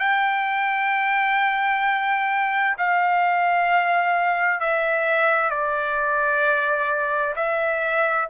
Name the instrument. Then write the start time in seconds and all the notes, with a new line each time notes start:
trumpet
0.00 G5
2.79 F5
4.61 E5
5.50 D5
7.36 E5